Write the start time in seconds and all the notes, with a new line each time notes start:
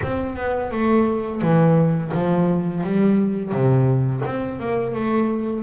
0.02 C4
0.36 B3
0.71 A3
1.41 E3
2.13 F3
2.83 G3
3.52 C3
4.25 C4
4.59 A#3
4.94 A3